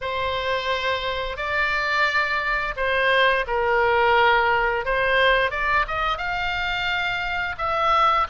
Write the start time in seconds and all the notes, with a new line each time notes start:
0.01 C5
1.36 D5
2.76 C5
3.47 A#4
4.85 C5
5.50 D5
5.87 D#5
6.17 F5
7.58 E5